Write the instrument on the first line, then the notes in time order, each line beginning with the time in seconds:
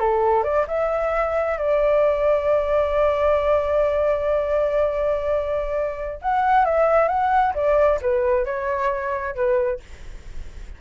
flute
0.00 A4
0.44 D5
0.68 E5
1.58 D5
6.22 F#5
6.66 E5
7.09 F#5
7.55 D5
8.02 B4
8.45 C#5
9.35 B4